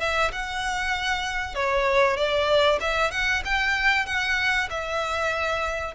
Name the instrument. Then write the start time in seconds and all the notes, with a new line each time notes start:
violin
0.00 E5
0.32 F#5
1.55 C#5
2.17 D5
2.80 E5
3.11 F#5
3.45 G5
4.06 F#5
4.70 E5